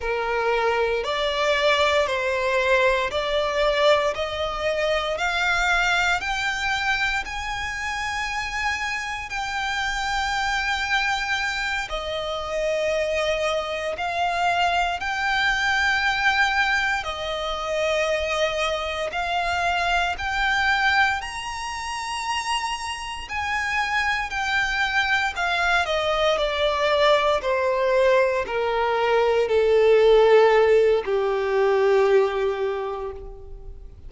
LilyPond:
\new Staff \with { instrumentName = "violin" } { \time 4/4 \tempo 4 = 58 ais'4 d''4 c''4 d''4 | dis''4 f''4 g''4 gis''4~ | gis''4 g''2~ g''8 dis''8~ | dis''4. f''4 g''4.~ |
g''8 dis''2 f''4 g''8~ | g''8 ais''2 gis''4 g''8~ | g''8 f''8 dis''8 d''4 c''4 ais'8~ | ais'8 a'4. g'2 | }